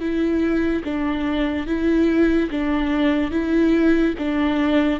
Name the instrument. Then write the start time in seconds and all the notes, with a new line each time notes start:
viola
0.00 E4
0.84 D4
1.67 E4
2.51 D4
3.31 E4
4.18 D4